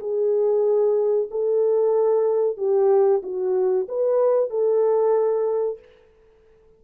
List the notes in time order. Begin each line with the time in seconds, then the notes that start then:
0.00 G#4
1.31 A4
2.57 G4
3.23 F#4
3.89 B4
4.50 A4